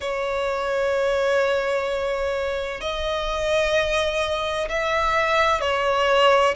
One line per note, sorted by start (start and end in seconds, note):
0.00 2.80 C#5
2.80 4.68 D#5
4.68 5.60 E5
5.60 6.54 C#5